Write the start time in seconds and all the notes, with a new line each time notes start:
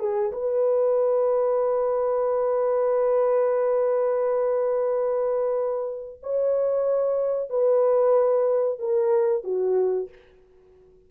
0.00 G#4
0.33 B4
6.23 C#5
7.50 B4
8.80 A#4
9.44 F#4